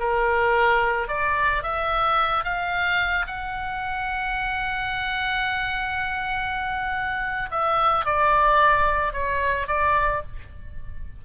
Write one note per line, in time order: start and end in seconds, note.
0.00 1.09 A#4
1.09 1.63 D5
1.63 2.44 E5
2.44 3.26 F5
3.27 7.50 F#5
7.51 8.06 E5
8.06 9.13 D5
9.13 9.68 C#5
9.68 10.22 D5